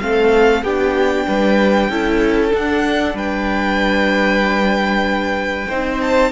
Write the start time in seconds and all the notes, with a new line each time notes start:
0.00 A3 C4 A4 F5
0.62 B3 D4 G4 G5
1.27 G3 B4
1.89 C#4 E4 A4
2.50 D4 F#5
3.14 G3 B4 G5
5.67 C4 D#4 C5
6.01 A5